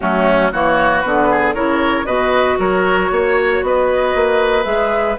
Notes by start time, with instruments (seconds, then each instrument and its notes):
0.00 bassoon F#3, clarinet A3, oboe C#4, flute F#4
0.52 bassoon E3, clarinet A#3, oboe F#4, flute C#5
1.01 bassoon D3, clarinet B3, flute B4
1.30 oboe G#4
1.54 bassoon C#3, clarinet E4, oboe A#4, flute C#5
2.05 bassoon B2, clarinet F#4, oboe B4, flute D#5
2.58 bassoon F#3, oboe A#4, flute C#5
3.11 bassoon A#3, oboe C#5
3.62 bassoon B3, oboe B4, flute D#5
4.14 bassoon A#3
4.64 bassoon G#3, clarinet G#4, flute E5